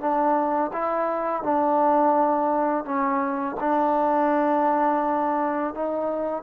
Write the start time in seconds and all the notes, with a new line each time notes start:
0.00 D4
0.73 E4
1.43 D4
2.85 C#4
3.60 D4
5.74 D#4